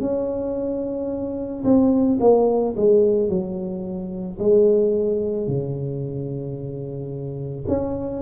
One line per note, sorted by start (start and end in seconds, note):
0.00 1.64 C#4
1.64 2.18 C4
2.20 2.75 A#3
2.77 3.29 G#3
3.29 4.38 F#3
4.39 5.47 G#3
5.47 7.65 C#3
7.68 8.22 C#4